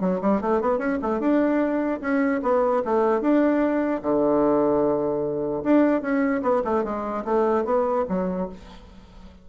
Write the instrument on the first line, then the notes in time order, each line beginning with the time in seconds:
bassoon
0.00 F#3
0.21 G3
0.41 A3
0.61 B3
0.78 C#4
1.02 A3
1.20 D4
2.01 C#4
2.42 B3
2.85 A3
3.21 D4
4.02 D3
5.64 D4
6.01 C#4
6.42 B3
6.64 A3
6.84 G#3
7.25 A3
7.64 B3
8.08 F#3